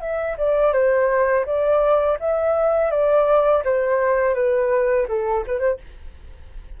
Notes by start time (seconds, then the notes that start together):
0.00 E5
0.37 D5
0.72 C5
1.46 D5
2.19 E5
2.90 D5
3.64 C5
4.34 B4
5.08 A4
5.47 B4
5.59 C5